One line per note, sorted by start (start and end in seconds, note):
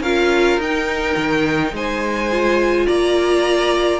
0.00 0.57 C#4
0.00 0.60 F4
0.00 1.73 A#4
0.00 0.59 F5
0.57 1.14 D#4
0.57 2.31 D#4
0.57 1.75 G5
1.16 1.72 D#3
1.72 2.86 G#3
1.72 2.86 C5
1.72 2.87 G#5
2.31 4.00 F4
2.86 4.00 A#3
2.86 4.00 D5
2.86 4.00 A#5